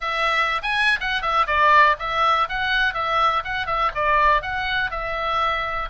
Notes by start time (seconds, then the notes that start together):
0.00 E5
0.62 G#5
1.00 F#5
1.21 E5
1.46 D5
1.99 E5
2.48 F#5
2.94 E5
3.44 F#5
3.66 E5
3.94 D5
4.42 F#5
4.90 E5